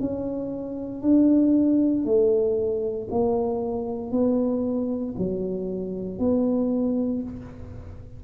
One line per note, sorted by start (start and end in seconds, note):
0.00 1.02 C#4
1.02 2.05 D4
2.05 3.08 A3
3.10 4.11 A#3
4.11 5.15 B3
5.18 6.19 F#3
6.19 7.22 B3